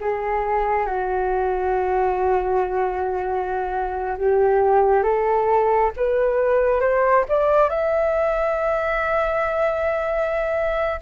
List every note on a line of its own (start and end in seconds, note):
0.00 0.86 G#4
0.86 4.17 F#4
4.18 5.03 G4
5.03 5.91 A4
5.96 6.80 B4
6.80 7.24 C5
7.28 7.69 D5
7.69 11.00 E5